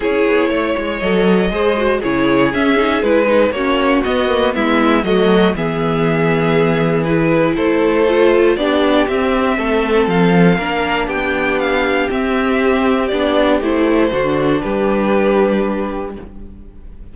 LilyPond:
<<
  \new Staff \with { instrumentName = "violin" } { \time 4/4 \tempo 4 = 119 cis''2 dis''2 | cis''4 e''4 b'4 cis''4 | dis''4 e''4 dis''4 e''4~ | e''2 b'4 c''4~ |
c''4 d''4 e''2 | f''2 g''4 f''4 | e''2 d''4 c''4~ | c''4 b'2. | }
  \new Staff \with { instrumentName = "violin" } { \time 4/4 gis'4 cis''2 c''4 | gis'2. fis'4~ | fis'4 e'4 fis'4 gis'4~ | gis'2. a'4~ |
a'4 g'2 a'4~ | a'4 ais'4 g'2~ | g'1 | fis'4 g'2. | }
  \new Staff \with { instrumentName = "viola" } { \time 4/4 e'2 a'4 gis'8 fis'8 | e'4 cis'8 dis'8 e'8 dis'8 cis'4 | b8 ais8 b4 a4 b4~ | b2 e'2 |
f'4 d'4 c'2~ | c'4 d'2. | c'2 d'4 e'4 | d'1 | }
  \new Staff \with { instrumentName = "cello" } { \time 4/4 cis'8 b8 a8 gis8 fis4 gis4 | cis4 cis'4 gis4 ais4 | b4 gis4 fis4 e4~ | e2. a4~ |
a4 b4 c'4 a4 | f4 ais4 b2 | c'2 b4 a4 | d4 g2. | }
>>